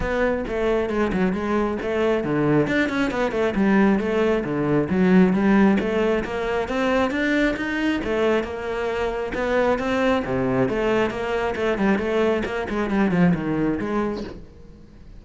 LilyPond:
\new Staff \with { instrumentName = "cello" } { \time 4/4 \tempo 4 = 135 b4 a4 gis8 fis8 gis4 | a4 d4 d'8 cis'8 b8 a8 | g4 a4 d4 fis4 | g4 a4 ais4 c'4 |
d'4 dis'4 a4 ais4~ | ais4 b4 c'4 c4 | a4 ais4 a8 g8 a4 | ais8 gis8 g8 f8 dis4 gis4 | }